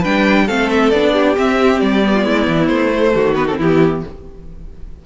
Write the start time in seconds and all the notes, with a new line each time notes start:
0.00 G3 D4 B4 G5
0.46 A3 C4 A4 F5
0.69 E5
0.90 B3 D4 D5
1.13 G4
1.36 C4 E5
1.80 G3 D5
2.03 B3
2.14 F4
2.24 G#3 E4
2.47 E3
2.67 A3 C5
2.91 A3
3.14 D#3 F#4
3.35 B3 B4
3.46 C4 A4
3.57 E3 B3 E4 G4